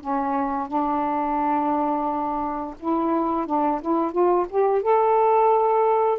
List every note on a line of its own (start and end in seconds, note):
0.00 0.67 C#4
0.67 2.74 D4
2.79 3.46 E4
3.46 3.81 D4
3.81 4.12 E4
4.12 4.46 F4
4.49 4.82 G4
4.82 6.18 A4